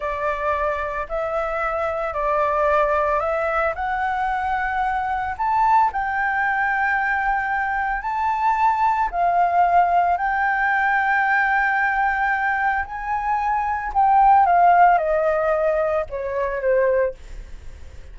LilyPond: \new Staff \with { instrumentName = "flute" } { \time 4/4 \tempo 4 = 112 d''2 e''2 | d''2 e''4 fis''4~ | fis''2 a''4 g''4~ | g''2. a''4~ |
a''4 f''2 g''4~ | g''1 | gis''2 g''4 f''4 | dis''2 cis''4 c''4 | }